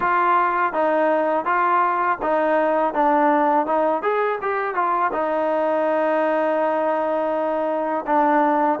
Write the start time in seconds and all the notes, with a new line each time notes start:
0.00 F4
0.73 D#4
1.45 F4
2.22 D#4
2.94 D4
3.66 D#4
4.02 G#4
4.41 G4
4.74 F4
5.12 D#4
8.06 D4